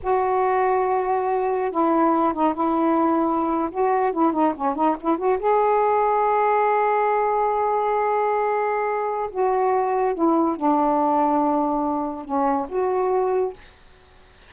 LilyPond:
\new Staff \with { instrumentName = "saxophone" } { \time 4/4 \tempo 4 = 142 fis'1 | e'4. dis'8 e'2~ | e'8. fis'4 e'8 dis'8 cis'8 dis'8 e'16~ | e'16 fis'8 gis'2.~ gis'16~ |
gis'1~ | gis'2 fis'2 | e'4 d'2.~ | d'4 cis'4 fis'2 | }